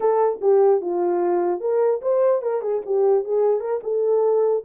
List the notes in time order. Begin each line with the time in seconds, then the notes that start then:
0.00 A4
0.41 G4
0.81 F4
1.60 A#4
2.01 C5
2.42 A#4
2.61 G#4
2.85 G4
3.24 G#4
3.60 A#4
3.83 A4